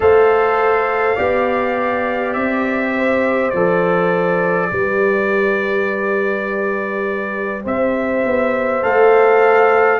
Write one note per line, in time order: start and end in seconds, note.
0.00 1.16 A3
0.00 1.17 A4
0.00 1.15 C5
0.00 2.33 F5
1.15 2.35 B3
1.15 3.52 G4
1.15 2.91 D5
2.33 3.52 C4
2.33 3.50 E5
2.96 4.70 C5
3.50 4.71 F3
3.50 4.71 A4
3.50 7.62 D5
4.70 7.65 G3
4.70 8.82 G4
4.70 7.63 B4
7.63 8.24 C4
7.63 9.99 C5
7.63 8.83 E5
8.25 8.84 B3
8.82 9.99 A3
8.82 9.99 A4
8.82 9.99 F5